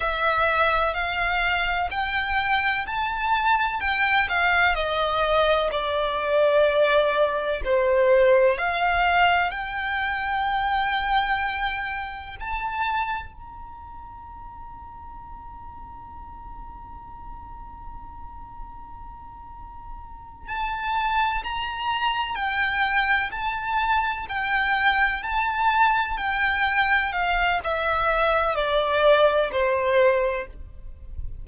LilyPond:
\new Staff \with { instrumentName = "violin" } { \time 4/4 \tempo 4 = 63 e''4 f''4 g''4 a''4 | g''8 f''8 dis''4 d''2 | c''4 f''4 g''2~ | g''4 a''4 ais''2~ |
ais''1~ | ais''4. a''4 ais''4 g''8~ | g''8 a''4 g''4 a''4 g''8~ | g''8 f''8 e''4 d''4 c''4 | }